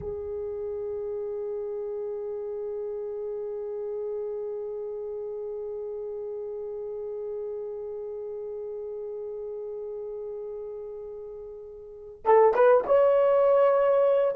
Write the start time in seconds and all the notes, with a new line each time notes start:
0.00 G#4
12.24 A4
12.53 B4
12.86 C#5